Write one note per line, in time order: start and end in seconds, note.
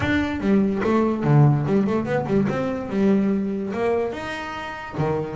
0.00 0.40 D4
0.40 0.81 G3
0.83 1.23 A3
1.23 1.65 D3
1.66 1.86 G3
1.86 2.05 A3
2.05 2.25 B3
2.26 2.47 G3
2.48 2.89 C4
2.89 3.72 G3
3.73 4.12 A#3
4.12 4.95 D#4
4.97 5.36 D#3